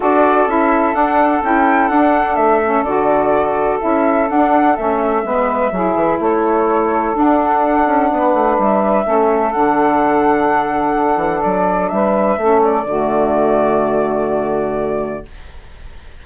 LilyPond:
<<
  \new Staff \with { instrumentName = "flute" } { \time 4/4 \tempo 4 = 126 d''4 e''4 fis''4 g''4 | fis''4 e''4 d''2 | e''4 fis''4 e''2~ | e''4 cis''2 fis''4~ |
fis''2 e''2 | fis''1 | d''4 e''4. d''4.~ | d''1 | }
  \new Staff \with { instrumentName = "saxophone" } { \time 4/4 a'1~ | a'1~ | a'2. b'4 | gis'4 a'2.~ |
a'4 b'2 a'4~ | a'1~ | a'4 b'4 a'4 fis'4~ | fis'1 | }
  \new Staff \with { instrumentName = "saxophone" } { \time 4/4 fis'4 e'4 d'4 e'4 | d'4. cis'8 fis'2 | e'4 d'4 cis'4 b4 | e'2. d'4~ |
d'2. cis'4 | d'1~ | d'2 cis'4 a4~ | a1 | }
  \new Staff \with { instrumentName = "bassoon" } { \time 4/4 d'4 cis'4 d'4 cis'4 | d'4 a4 d2 | cis'4 d'4 a4 gis4 | fis8 e8 a2 d'4~ |
d'8 cis'8 b8 a8 g4 a4 | d2.~ d8 e8 | fis4 g4 a4 d4~ | d1 | }
>>